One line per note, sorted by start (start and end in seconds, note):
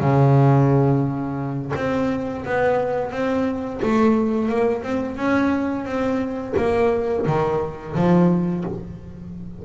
0.00 1.72 C#3
1.75 2.44 C4
2.45 3.11 B3
3.11 3.80 C4
3.82 4.48 A3
4.48 4.82 A#3
4.82 5.16 C4
5.16 5.85 C#4
5.85 6.54 C4
6.57 7.26 A#3
7.26 7.95 D#3
7.95 8.64 F3